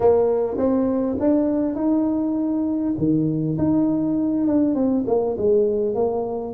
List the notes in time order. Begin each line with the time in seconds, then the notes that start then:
0.00 A#3
0.57 C4
1.20 D4
1.75 D#4
2.98 D#3
3.58 D#4
4.47 D4
4.74 C4
5.07 A#3
5.37 G#3
5.94 A#3